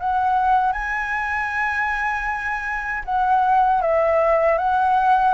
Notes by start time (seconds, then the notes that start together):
0.00 F#5
0.73 G#5
3.05 F#5
3.82 E5
4.58 F#5